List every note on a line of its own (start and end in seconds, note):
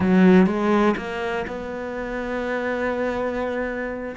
0.00 0.46 F#3
0.46 0.95 G#3
0.96 1.45 A#3
1.47 4.15 B3